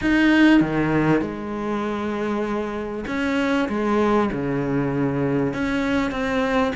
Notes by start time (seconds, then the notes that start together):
0.01 D#4
0.61 D#3
1.21 G#3
3.07 C#4
3.68 G#3
4.32 C#3
5.53 C#4
6.11 C4